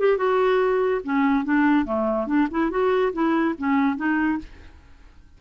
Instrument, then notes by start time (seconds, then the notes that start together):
clarinet
0.00 G4
0.18 F#4
1.04 C#4
1.45 D4
1.86 A3
2.27 D4
2.51 E4
2.71 F#4
3.13 E4
3.59 C#4
3.97 D#4